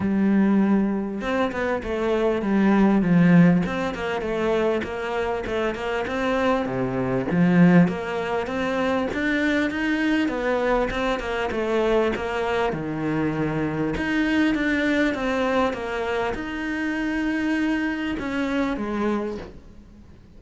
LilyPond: \new Staff \with { instrumentName = "cello" } { \time 4/4 \tempo 4 = 99 g2 c'8 b8 a4 | g4 f4 c'8 ais8 a4 | ais4 a8 ais8 c'4 c4 | f4 ais4 c'4 d'4 |
dis'4 b4 c'8 ais8 a4 | ais4 dis2 dis'4 | d'4 c'4 ais4 dis'4~ | dis'2 cis'4 gis4 | }